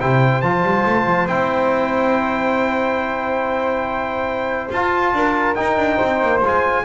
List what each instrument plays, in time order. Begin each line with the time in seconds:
0.00 double bass C3, trombone E4, flute C5, trumpet G5
0.41 double bass F3, trombone F4, trumpet A5
0.63 double bass G3
0.86 double bass A3
1.06 double bass F3
1.26 double bass C4, trombone E4, trumpet G5
4.70 double bass F4, trombone F4, trumpet A5
5.13 double bass D4, flute A#4
5.55 trombone D#4, double bass D#4, trumpet G5
5.77 double bass D4
5.97 double bass C4, flute C5
6.22 double bass A#3
6.42 double bass G#3, trombone F4, trumpet G#5